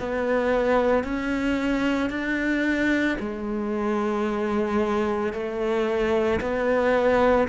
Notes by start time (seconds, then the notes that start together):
0.00 B3
1.04 C#4
2.10 D4
3.20 G#3
5.33 A3
6.41 B3